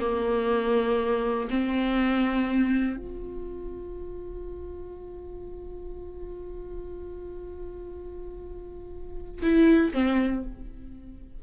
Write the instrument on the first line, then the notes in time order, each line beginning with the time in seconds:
viola
0.00 A#3
1.50 C4
2.97 F4
9.42 E4
9.94 C4